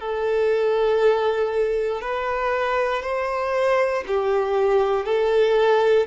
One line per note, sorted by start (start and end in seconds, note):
0.00 2.02 A4
2.02 3.02 B4
3.02 4.04 C5
4.07 5.05 G4
5.05 6.07 A4